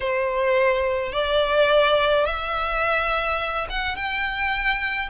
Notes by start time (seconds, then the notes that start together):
0.00 C5
1.12 D5
2.25 E5
3.69 F#5
3.96 G5